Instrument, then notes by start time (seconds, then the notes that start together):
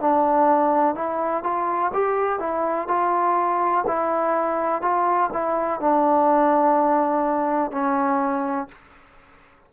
trombone
0.00 D4
0.95 E4
1.43 F4
1.94 G4
2.39 E4
2.88 F4
3.87 E4
4.82 F4
5.33 E4
5.80 D4
7.72 C#4